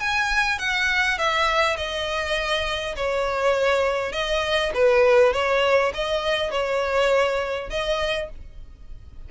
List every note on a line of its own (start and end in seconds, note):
0.00 0.59 G#5
0.59 1.18 F#5
1.18 1.77 E5
1.77 2.96 D#5
2.96 4.13 C#5
4.13 4.72 D#5
4.74 5.33 B4
5.33 5.93 C#5
5.94 6.51 D#5
6.51 7.70 C#5
7.70 8.30 D#5